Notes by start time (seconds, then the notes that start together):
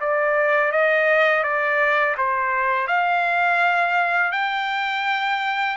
0.00 D5
0.72 D#5
1.43 D5
2.18 C5
2.88 F5
4.32 G5